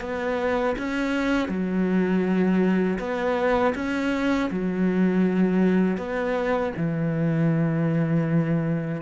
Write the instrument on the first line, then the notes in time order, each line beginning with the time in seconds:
cello
0.00 B3
0.78 C#4
1.48 F#3
2.99 B3
3.75 C#4
4.50 F#3
5.97 B3
6.76 E3